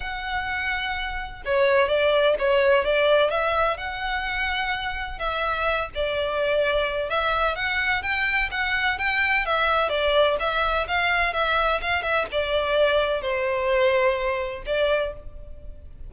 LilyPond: \new Staff \with { instrumentName = "violin" } { \time 4/4 \tempo 4 = 127 fis''2. cis''4 | d''4 cis''4 d''4 e''4 | fis''2. e''4~ | e''8 d''2~ d''8 e''4 |
fis''4 g''4 fis''4 g''4 | e''4 d''4 e''4 f''4 | e''4 f''8 e''8 d''2 | c''2. d''4 | }